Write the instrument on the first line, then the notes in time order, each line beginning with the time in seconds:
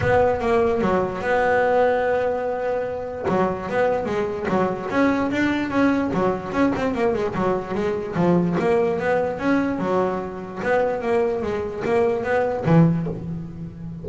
double bass
0.00 B3
0.40 A#3
0.81 F#3
1.21 B3
3.28 F#3
3.69 B3
4.05 G#3
4.48 F#3
4.90 C#4
5.31 D4
5.70 C#4
6.13 F#3
6.51 C#4
6.75 C4
6.94 A#3
7.14 G#3
7.35 F#3
7.74 G#3
8.15 F3
8.59 A#3
8.99 B3
9.39 C#4
9.78 F#3
10.62 B3
11.02 A#3
11.42 G#3
11.84 A#3
12.23 B3
12.65 E3